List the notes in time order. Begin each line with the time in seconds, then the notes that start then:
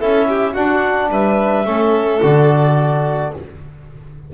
0.00 C#4 E4 A4 E5
0.29 G4
0.54 D4 F#4 F#5
1.10 G3 B4 E5
1.66 A3 C#4 A4
2.23 D3 F#4 D5